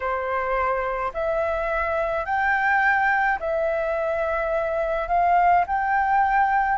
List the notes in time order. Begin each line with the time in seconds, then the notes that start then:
0.00 C5
1.13 E5
2.25 G5
3.40 E5
5.08 F5
5.67 G5